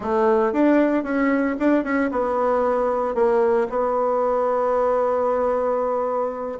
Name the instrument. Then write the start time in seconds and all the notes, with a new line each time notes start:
bassoon
0.00 A3
0.52 D4
1.03 C#4
1.59 D4
1.84 C#4
2.11 B3
3.14 A#3
3.69 B3